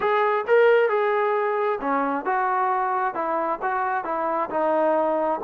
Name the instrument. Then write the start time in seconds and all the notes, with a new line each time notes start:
trombone
0.00 G#4
0.47 A#4
0.89 G#4
1.80 C#4
2.25 F#4
3.14 E4
3.62 F#4
4.04 E4
4.50 D#4